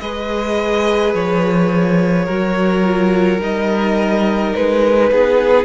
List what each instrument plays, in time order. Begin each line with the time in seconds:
0.00 cello G#3, viola G#4, violin B4 D#5
1.14 cello F3, violin C#5
2.25 cello F#3, viola F#4, violin A#4
2.83 viola F4
3.40 cello G3, viola D#4, violin D#5
4.55 cello G#3, violin B4
5.11 cello B3, violin G#4